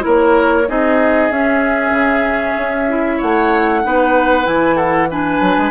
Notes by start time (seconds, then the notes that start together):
0.00 A#3 E4 A#4 C#5
0.68 C4 D#4 G#4 D#5
1.30 C#4 E5
1.90 C#3
2.57 C#4
2.88 E4
3.17 A3 C#5 F#5
3.83 B3 D#4 B4
4.44 E3 E4 G#5
4.75 A4 F#5
5.10 D4 B4 G#5
5.40 F#3
5.57 G#3